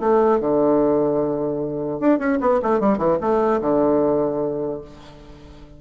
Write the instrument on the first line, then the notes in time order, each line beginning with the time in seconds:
bassoon
0.00 A3
0.40 D3
2.00 D4
2.19 C#4
2.41 B3
2.63 A3
2.80 G3
2.98 E3
3.21 A3
3.61 D3